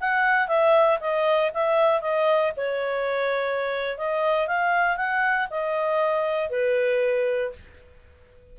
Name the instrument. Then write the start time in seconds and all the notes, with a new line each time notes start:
clarinet
0.00 F#5
0.47 E5
1.00 D#5
1.54 E5
2.01 D#5
2.56 C#5
3.97 D#5
4.47 F5
4.96 F#5
5.50 D#5
6.50 B4